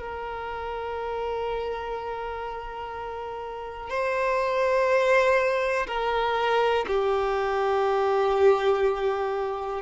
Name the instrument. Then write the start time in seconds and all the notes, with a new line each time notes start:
violin
0.00 A#4
3.90 C5
5.87 A#4
6.88 G4